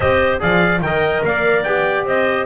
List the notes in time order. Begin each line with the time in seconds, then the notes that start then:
0.00 C4 G4 C5 D#5
0.39 F3 G#4 D5 F5
0.81 D#3 A#4 D#5 G5
1.24 A#3 D5 F5
1.63 B3 G4 G5
2.05 C4 C5 D#5